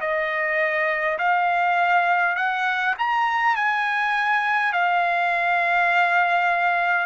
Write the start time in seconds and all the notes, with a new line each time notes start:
0.00 D#5
1.18 F5
2.36 F#5
2.98 A#5
3.55 G#5
4.72 F5